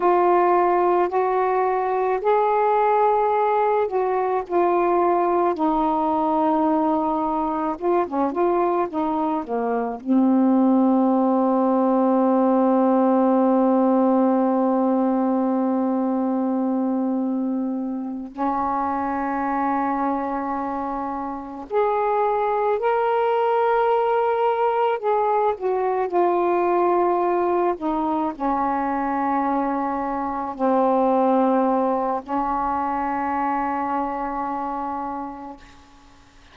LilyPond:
\new Staff \with { instrumentName = "saxophone" } { \time 4/4 \tempo 4 = 54 f'4 fis'4 gis'4. fis'8 | f'4 dis'2 f'16 cis'16 f'8 | dis'8 ais8 c'2.~ | c'1~ |
c'8 cis'2. gis'8~ | gis'8 ais'2 gis'8 fis'8 f'8~ | f'4 dis'8 cis'2 c'8~ | c'4 cis'2. | }